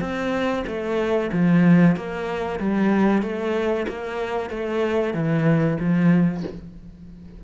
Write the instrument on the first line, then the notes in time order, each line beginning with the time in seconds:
cello
0.00 C4
0.67 A3
1.32 F3
1.96 A#3
2.59 G3
3.22 A3
3.88 A#3
4.50 A3
5.14 E3
5.80 F3